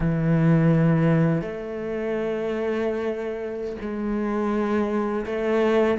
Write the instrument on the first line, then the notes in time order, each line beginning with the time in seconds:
cello
0.00 E3
1.41 A3
3.81 G#3
5.25 A3